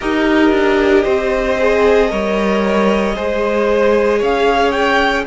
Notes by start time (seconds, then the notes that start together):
0.00 D#4 G4 A#4 D#5
0.51 D4
1.03 C4 C5
1.59 G#4
2.09 G3 A#4 C#5
3.15 G#3 G#4 C5
4.18 C#4 C#5 F5
4.71 G5